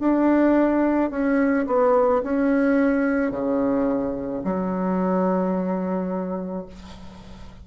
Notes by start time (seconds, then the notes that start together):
0.00 D4
1.11 C#4
1.67 B3
2.23 C#4
3.31 C#3
4.44 F#3